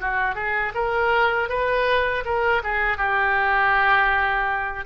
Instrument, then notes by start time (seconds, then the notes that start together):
oboe
0.00 F#4
0.35 G#4
0.75 A#4
1.49 B4
2.25 A#4
2.63 G#4
2.97 G4